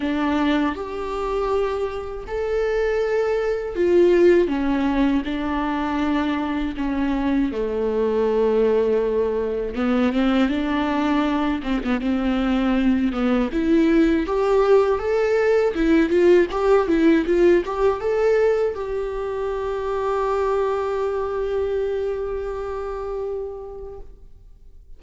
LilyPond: \new Staff \with { instrumentName = "viola" } { \time 4/4 \tempo 4 = 80 d'4 g'2 a'4~ | a'4 f'4 cis'4 d'4~ | d'4 cis'4 a2~ | a4 b8 c'8 d'4. c'16 b16 |
c'4. b8 e'4 g'4 | a'4 e'8 f'8 g'8 e'8 f'8 g'8 | a'4 g'2.~ | g'1 | }